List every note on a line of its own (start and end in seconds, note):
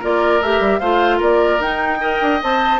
0.00 0.41 A#3
0.00 0.42 F4
0.00 0.80 A#4
0.00 0.43 D5
0.41 0.60 A3
0.41 0.82 G4
0.41 0.80 E5
0.60 0.80 G3
0.80 1.21 A3
0.80 1.60 F4
0.80 1.18 C5
0.80 1.20 F5
1.18 1.59 A#3
1.18 1.98 A#4
1.18 1.62 D5
1.59 2.19 D#4
1.59 2.00 D#4
1.59 2.42 G5
2.00 2.40 A#4
2.00 2.80 D#5
2.22 2.42 D4
2.43 2.80 C4
2.43 2.80 C5
2.43 2.80 A5